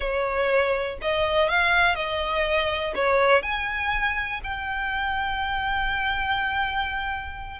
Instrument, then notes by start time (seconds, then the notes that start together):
violin
0.00 C#5
1.01 D#5
1.48 F5
1.95 D#5
2.95 C#5
3.42 G#5
4.43 G5